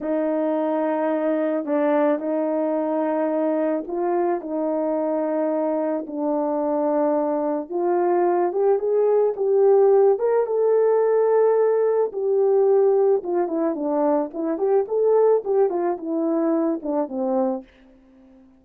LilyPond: \new Staff \with { instrumentName = "horn" } { \time 4/4 \tempo 4 = 109 dis'2. d'4 | dis'2. f'4 | dis'2. d'4~ | d'2 f'4. g'8 |
gis'4 g'4. ais'8 a'4~ | a'2 g'2 | f'8 e'8 d'4 e'8 g'8 a'4 | g'8 f'8 e'4. d'8 c'4 | }